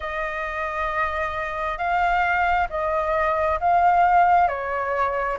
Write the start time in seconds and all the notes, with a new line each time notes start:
0.00 D#5
1.78 F5
2.69 D#5
3.59 F5
4.48 C#5